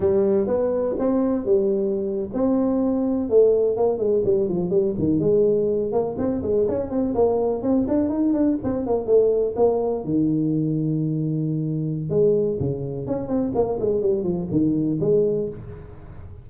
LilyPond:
\new Staff \with { instrumentName = "tuba" } { \time 4/4 \tempo 4 = 124 g4 b4 c'4 g4~ | g8. c'2 a4 ais16~ | ais16 gis8 g8 f8 g8 dis8 gis4~ gis16~ | gis16 ais8 c'8 gis8 cis'8 c'8 ais4 c'16~ |
c'16 d'8 dis'8 d'8 c'8 ais8 a4 ais16~ | ais8. dis2.~ dis16~ | dis4 gis4 cis4 cis'8 c'8 | ais8 gis8 g8 f8 dis4 gis4 | }